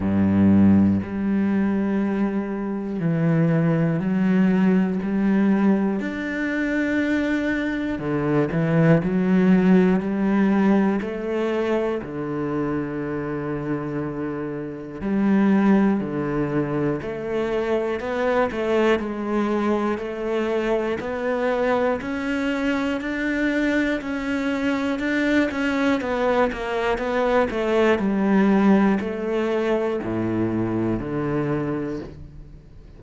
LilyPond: \new Staff \with { instrumentName = "cello" } { \time 4/4 \tempo 4 = 60 g,4 g2 e4 | fis4 g4 d'2 | d8 e8 fis4 g4 a4 | d2. g4 |
d4 a4 b8 a8 gis4 | a4 b4 cis'4 d'4 | cis'4 d'8 cis'8 b8 ais8 b8 a8 | g4 a4 a,4 d4 | }